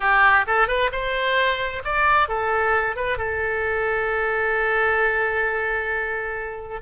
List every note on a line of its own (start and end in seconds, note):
0.00 0.45 G4
0.47 0.67 A4
0.67 0.90 B4
0.92 1.82 C5
1.84 2.28 D5
2.28 2.95 A4
2.95 3.17 B4
3.17 6.81 A4